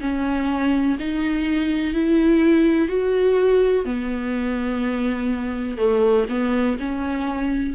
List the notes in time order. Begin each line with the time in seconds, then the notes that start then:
0.00 C#4
0.99 D#4
1.94 E4
2.88 F#4
3.85 B3
5.78 A3
6.29 B3
6.79 C#4